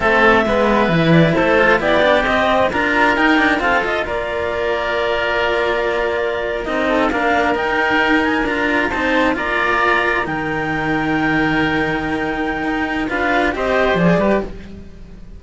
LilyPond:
<<
  \new Staff \with { instrumentName = "clarinet" } { \time 4/4 \tempo 4 = 133 e''2~ e''8 d''8 c''4 | d''4 dis''4 ais''4 g''4 | f''8 dis''8 d''2.~ | d''2~ d''8. dis''4 f''16~ |
f''8. g''4. gis''8 ais''4 a''16~ | a''8. ais''2 g''4~ g''16~ | g''1~ | g''4 f''4 dis''4 d''4 | }
  \new Staff \with { instrumentName = "oboe" } { \time 4/4 a'4 b'2 a'4 | g'2 ais'2 | a'4 ais'2.~ | ais'2.~ ais'16 a'8 ais'16~ |
ais'2.~ ais'8. c''16~ | c''8. d''2 ais'4~ ais'16~ | ais'1~ | ais'4 b'4 c''4. b'8 | }
  \new Staff \with { instrumentName = "cello" } { \time 4/4 c'4 b4 e'4. f'8 | e'8 d'8 c'4 f'4 dis'8 d'8 | c'8 f'2.~ f'8~ | f'2~ f'8. dis'4 d'16~ |
d'8. dis'2 f'4 dis'16~ | dis'8. f'2 dis'4~ dis'16~ | dis'1~ | dis'4 f'4 g'4 gis'8 g'8 | }
  \new Staff \with { instrumentName = "cello" } { \time 4/4 a4 gis4 e4 a4 | b4 c'4 d'4 dis'4 | f'4 ais2.~ | ais2~ ais8. c'4 ais16~ |
ais8. dis'2 d'4 c'16~ | c'8. ais2 dis4~ dis16~ | dis1 | dis'4 d'4 c'4 f8 g8 | }
>>